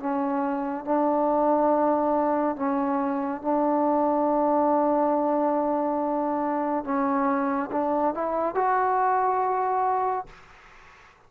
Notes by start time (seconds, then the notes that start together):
0.00 C#4
0.85 D4
2.56 C#4
3.42 D4
6.85 C#4
7.72 D4
8.15 E4
8.55 F#4